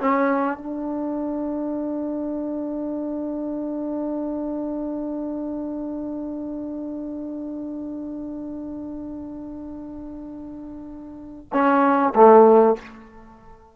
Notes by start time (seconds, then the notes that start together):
0.00 C#4
0.57 D4
11.53 C#4
12.15 A3